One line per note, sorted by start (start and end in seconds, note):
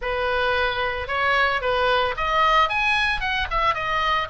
0.01 1.07 B4
1.07 1.61 C#5
1.61 2.14 B4
2.16 2.69 D#5
2.69 3.20 G#5
3.20 3.47 F#5
3.50 3.74 E5
3.74 4.28 D#5